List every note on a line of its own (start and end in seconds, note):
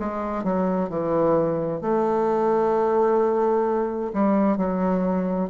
0.00 0.44 G#3
0.44 0.89 F#3
0.89 1.82 E3
1.82 4.12 A3
4.14 4.58 G3
4.58 5.50 F#3